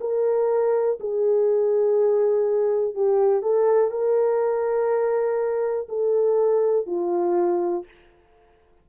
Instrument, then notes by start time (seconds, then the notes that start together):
horn
0.00 A#4
1.00 G#4
2.94 G4
3.42 A4
3.90 A#4
5.88 A4
6.86 F4